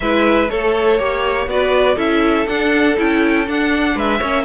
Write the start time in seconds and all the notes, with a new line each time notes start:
0.00 G#3 E4 B4 E5
0.49 A3 A4 C#5
0.98 A#3 G4 C#5
1.46 B3 F#4 B4 D5
1.95 C#4 E4 A4 E5
2.47 D4 F#5
2.96 C#4 E4 G5
3.46 D4 F#5
3.95 G#3 B4 E5
4.18 A#3 C#4 C#5